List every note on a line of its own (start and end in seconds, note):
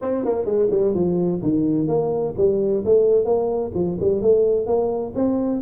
0.01 0.25 C4
0.25 0.45 A#3
0.45 0.68 G#3
0.70 0.94 G3
0.94 1.41 F3
1.42 1.87 D#3
1.87 2.34 A#3
2.37 2.84 G3
2.85 3.25 A3
3.25 3.71 A#3
3.74 3.97 F3
4.00 4.21 G3
4.21 4.66 A3
4.66 5.13 A#3
5.15 5.61 C4